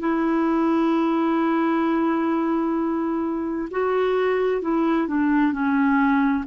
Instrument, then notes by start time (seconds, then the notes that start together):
clarinet
0.00 E4
3.71 F#4
4.62 E4
5.08 D4
5.53 C#4